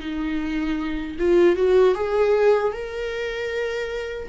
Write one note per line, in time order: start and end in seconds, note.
0.00 1.17 D#4
1.19 1.56 F4
1.56 1.95 F#4
1.95 2.72 G#4
2.72 4.28 A#4